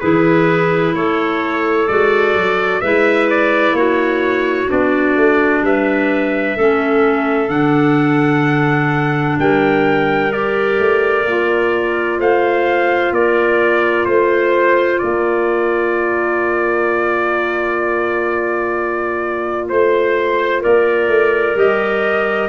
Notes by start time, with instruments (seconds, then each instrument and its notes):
0.00 tuba E3, clarinet E4 G#4, trumpet B4
0.93 tuba A3, clarinet A4, trumpet C#5
1.88 tuba G#3, clarinet F#4, trumpet D5
2.34 tuba F#3
2.81 tuba G#3, clarinet E4 B4, trumpet E5
3.30 trumpet D5
3.72 tuba A#3, clarinet F#4, trumpet C#5
4.68 tuba B3, clarinet D4, trumpet D5
5.16 tuba A3
5.62 tuba G3, clarinet B4, trumpet E5
6.56 tuba A3, clarinet C#4 A4
7.49 tuba D3, clarinet D4, trumpet F#5
9.39 tuba G3, clarinet A#4, trumpet G5
10.31 clarinet G4, trumpet D5
10.79 tuba A3
11.25 tuba A#3, clarinet F4
12.19 tuba A3, clarinet C5, trumpet F5
13.12 tuba A#3, clarinet A#4, trumpet D5
14.05 tuba A3, trumpet C5, clarinet C5
14.98 tuba A#3, clarinet A#4, trumpet D5
19.68 tuba A3, trumpet C5, clarinet C5
20.61 tuba A#3, clarinet A#4, trumpet D5
21.08 tuba A3
21.56 tuba G3, clarinet G4, trumpet D#5